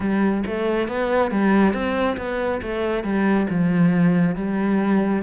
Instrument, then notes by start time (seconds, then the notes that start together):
cello
0.00 G3
0.46 A3
0.87 B3
1.30 G3
1.73 C4
2.17 B3
2.62 A3
3.03 G3
3.49 F3
4.35 G3